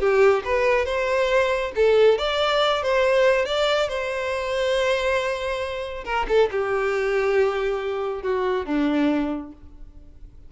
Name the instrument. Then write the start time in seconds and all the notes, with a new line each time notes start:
violin
0.00 G4
0.45 B4
0.86 C5
1.76 A4
2.18 D5
2.83 C5
3.46 D5
3.89 C5
6.05 A#4
6.28 A4
6.52 G4
8.23 F#4
8.66 D4